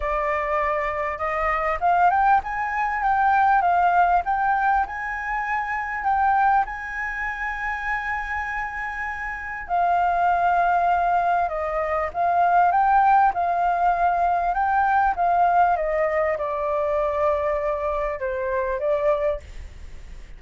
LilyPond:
\new Staff \with { instrumentName = "flute" } { \time 4/4 \tempo 4 = 99 d''2 dis''4 f''8 g''8 | gis''4 g''4 f''4 g''4 | gis''2 g''4 gis''4~ | gis''1 |
f''2. dis''4 | f''4 g''4 f''2 | g''4 f''4 dis''4 d''4~ | d''2 c''4 d''4 | }